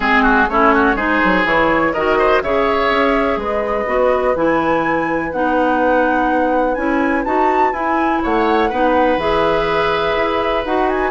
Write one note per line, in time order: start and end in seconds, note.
0.00 0.47 G#3
0.00 0.48 C4
0.00 0.22 G#4
0.00 0.49 G#4
0.22 0.47 F#4
0.49 0.95 A3
0.49 0.96 C#4
0.49 0.74 E4
0.49 0.97 C#5
0.74 0.95 F#4
0.95 1.19 G#3
0.95 1.45 D#4
0.95 1.92 G#4
0.95 1.45 C5
1.24 1.44 F#3
1.44 1.93 E3
1.44 1.93 E4
1.44 1.93 C#5
1.93 2.42 D#3
1.93 2.43 F#4
1.93 2.17 A#4
1.93 2.41 D#5
2.18 2.42 C5
2.42 2.90 C#3
2.42 3.86 G#4
2.42 3.39 C#5
2.42 3.38 E5
2.90 3.37 C#4
3.37 3.85 G#3
3.37 8.23 B4
3.37 4.35 D#5
3.86 4.34 B3
3.86 4.34 F#4
4.35 5.32 E3
4.35 5.33 E4
4.35 5.32 G#5
5.32 6.76 B3
5.32 6.76 D#4
5.32 6.74 F#5
6.74 7.24 C#4
6.74 7.25 E4
6.74 7.22 G#5
7.24 7.72 D#4
7.24 7.73 F#4
7.24 7.73 A5
7.72 8.21 E4
7.72 8.70 E4
7.72 8.21 G#5
8.23 8.71 A3
8.23 8.69 C#5
8.23 9.19 F#5
8.69 9.17 B3
8.69 9.19 D#4
8.69 11.10 B4
9.17 10.14 E3
9.17 10.64 G#4
9.17 10.65 E5
10.16 10.64 E4
10.65 11.10 D#4
10.65 11.10 F#4
10.65 10.89 F#5
10.89 11.10 G#5